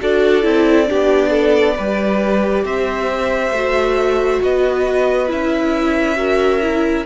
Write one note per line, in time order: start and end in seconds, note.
0.00 0.44 D4
0.00 0.42 F#4
0.00 0.89 A4
0.00 2.65 D5
0.42 0.89 C4
0.42 0.87 E4
0.87 1.78 B3
0.87 1.75 D4
0.87 1.30 G4
1.30 1.74 A4
1.76 2.65 G3
1.76 3.55 G4
1.76 2.64 B4
2.65 3.51 C4
2.65 4.41 C5
2.65 4.42 E5
3.51 4.39 A3
3.51 5.27 F#4
4.43 5.31 B3
4.43 6.17 B4
4.43 5.31 D#5
5.27 7.06 C#4
5.27 6.16 E4
5.27 7.06 E5
6.16 6.60 F#4
6.16 7.06 A#4
6.61 7.05 E4